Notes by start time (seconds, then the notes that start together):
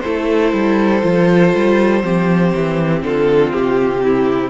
0.00 E4 A4 C5
0.06 A3
0.53 G3
1.02 F3 F4
1.55 G3
2.03 F3 C4 G4
2.55 E3
3.02 D3 F4 A4
3.53 C3 G4
4.04 E4